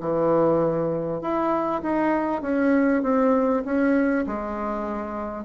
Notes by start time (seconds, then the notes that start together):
0.00 E3
1.21 E4
1.82 D#4
2.42 C#4
3.03 C4
3.65 C#4
4.27 G#3